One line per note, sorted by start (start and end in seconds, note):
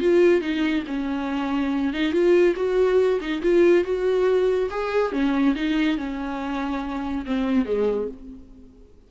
0.00 0.41 F4
0.41 0.83 D#4
0.87 1.93 C#4
1.93 2.12 D#4
2.12 2.55 F4
2.56 3.20 F#4
3.21 3.42 D#4
3.42 3.84 F4
3.84 4.69 F#4
4.70 5.12 G#4
5.12 5.55 C#4
5.56 5.97 D#4
5.97 7.25 C#4
7.26 7.65 C4
7.65 8.08 G#3